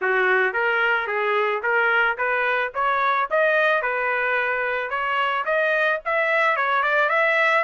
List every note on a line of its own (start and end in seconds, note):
0.01 0.53 F#4
0.53 1.07 A#4
1.07 1.61 G#4
1.62 2.17 A#4
2.17 2.72 B4
2.74 3.29 C#5
3.30 3.82 D#5
3.82 4.89 B4
4.89 5.44 C#5
5.45 5.99 D#5
6.05 6.56 E5
6.56 6.82 C#5
6.82 7.09 D5
7.09 7.63 E5